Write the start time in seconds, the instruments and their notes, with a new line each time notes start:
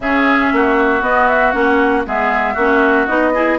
0.00 bassoon C#3, clarinet C#4, oboe G#4, flute E5
0.52 bassoon A#3, oboe F#4
1.01 clarinet B3, bassoon B3, flute D#5
1.27 flute E5
1.51 bassoon A#3, clarinet C#4, flute F#5
2.06 bassoon G#3, clarinet B3, oboe G#4, flute E5
2.53 bassoon A#3, clarinet C#4, oboe F#4
3.06 bassoon B3, clarinet D#4, flute D#5
3.34 clarinet E4, oboe G#4